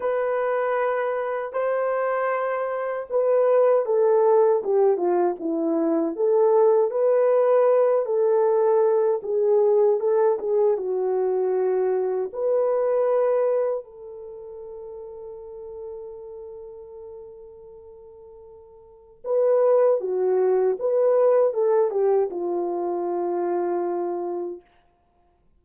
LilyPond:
\new Staff \with { instrumentName = "horn" } { \time 4/4 \tempo 4 = 78 b'2 c''2 | b'4 a'4 g'8 f'8 e'4 | a'4 b'4. a'4. | gis'4 a'8 gis'8 fis'2 |
b'2 a'2~ | a'1~ | a'4 b'4 fis'4 b'4 | a'8 g'8 f'2. | }